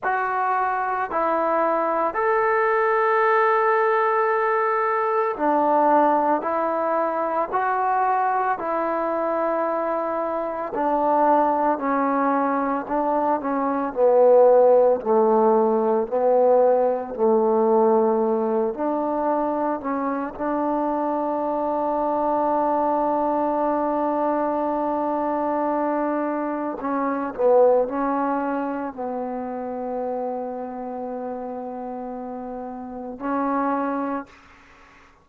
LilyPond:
\new Staff \with { instrumentName = "trombone" } { \time 4/4 \tempo 4 = 56 fis'4 e'4 a'2~ | a'4 d'4 e'4 fis'4 | e'2 d'4 cis'4 | d'8 cis'8 b4 a4 b4 |
a4. d'4 cis'8 d'4~ | d'1~ | d'4 cis'8 b8 cis'4 b4~ | b2. cis'4 | }